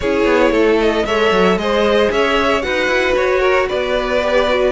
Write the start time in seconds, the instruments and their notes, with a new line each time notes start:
0.00 cello C#4, viola E4, violin G#4 C#5
0.25 cello B3
0.50 cello A3, violin A4
0.80 violin D#5
1.05 cello G#3, viola A4, violin C#5 E5
1.31 cello F#3
1.56 cello G#3, viola G#4, violin C5 D#5
2.11 cello C#4, violin C#5 E5
2.62 cello D#4, viola F#4, violin B4 F#5
2.87 cello E4
3.15 cello F#4, violin C#5
3.39 violin A#4
3.68 cello B3, violin B4 D5
4.21 viola G4
4.49 viola F#4